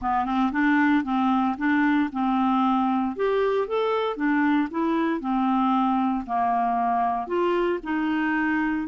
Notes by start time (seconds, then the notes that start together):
0.01 B3
0.25 C4
0.51 D4
1.03 C4
1.57 D4
2.12 C4
3.15 G4
3.67 A4
4.16 D4
4.70 E4
5.20 C4
6.26 A#3
7.27 F4
7.83 D#4